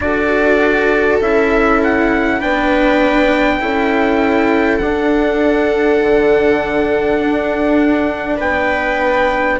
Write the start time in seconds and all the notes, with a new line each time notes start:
0.00 D4 F#4 A4 D5
1.21 C#4 E4 E5
1.83 F#5
2.39 B3 D4 B4 G5
3.59 C#4 E4 A4
4.78 D4 F#5
6.01 D3
7.19 D4
8.36 B3 B4 G5